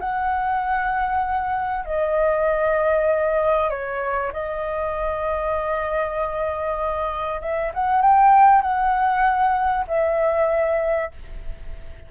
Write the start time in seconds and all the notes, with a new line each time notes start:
0.00 F#5
1.86 D#5
3.70 C#5
4.34 D#5
7.41 E5
7.75 F#5
8.02 G5
8.62 F#5
9.88 E5